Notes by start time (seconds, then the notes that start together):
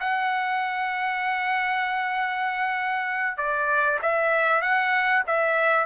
0.00 F#5
3.37 D5
4.02 E5
4.61 F#5
5.27 E5